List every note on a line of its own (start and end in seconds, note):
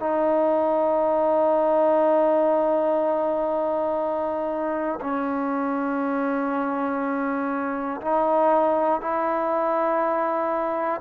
0.00 5.00 D#4
5.00 8.00 C#4
8.01 9.01 D#4
9.01 11.01 E4